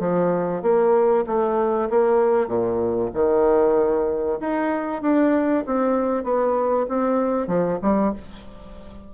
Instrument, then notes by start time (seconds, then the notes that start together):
bassoon
0.00 F3
0.62 A#3
1.27 A3
1.90 A#3
2.48 A#2
3.14 D#3
4.41 D#4
5.02 D4
5.66 C4
6.24 B3
6.89 C4
7.48 F3
7.82 G3